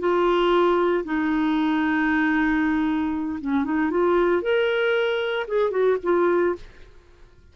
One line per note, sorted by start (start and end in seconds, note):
0.00 1.04 F4
1.05 3.40 D#4
3.41 3.65 C#4
3.65 3.91 D#4
3.91 4.43 F4
4.43 5.47 A#4
5.48 5.71 G#4
5.71 5.97 F#4
6.04 6.56 F4